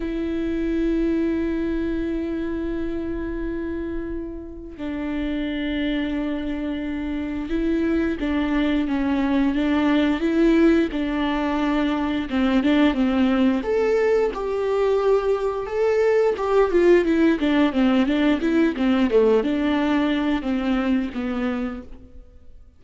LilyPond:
\new Staff \with { instrumentName = "viola" } { \time 4/4 \tempo 4 = 88 e'1~ | e'2. d'4~ | d'2. e'4 | d'4 cis'4 d'4 e'4 |
d'2 c'8 d'8 c'4 | a'4 g'2 a'4 | g'8 f'8 e'8 d'8 c'8 d'8 e'8 c'8 | a8 d'4. c'4 b4 | }